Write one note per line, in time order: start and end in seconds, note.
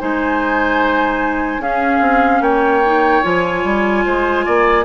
0.00 1.59 G#3
0.00 1.62 D#4
0.00 1.62 C5
0.00 1.62 G#5
1.59 2.00 C#4
1.59 2.84 C#4
1.59 2.43 G#4
1.59 2.43 F5
2.00 2.41 C4
2.41 3.22 A#3
2.41 4.05 C#5
2.41 3.23 G5
2.85 3.23 D#4
3.23 3.65 F3
3.23 4.85 F4
3.23 4.85 G#5
3.65 4.05 G3
4.06 4.47 G#3
4.06 4.46 C5
4.46 4.85 A#3
4.46 4.85 D5